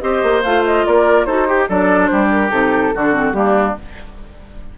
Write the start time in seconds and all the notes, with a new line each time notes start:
0.00 C4 G4 C5 D#5
0.23 A#3
0.43 A3 F4 F5
0.65 D#5
0.86 A#3 A#4 D5
1.25 D#4 F#4 A4 C5
1.47 G4
1.69 F#3 D4 A4 D5
2.07 G3 G4 C5
2.31 A#4
2.50 C3 D#4 A4
2.95 D3 D4 F#4
3.12 C4
3.32 G3 A#3 D4 G4